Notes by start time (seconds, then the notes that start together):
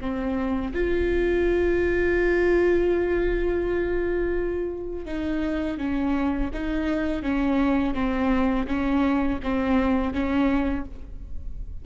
0.00 C4
0.74 F4
5.05 D#4
5.78 C#4
6.53 D#4
7.22 C#4
7.94 C4
8.67 C#4
9.43 C4
10.13 C#4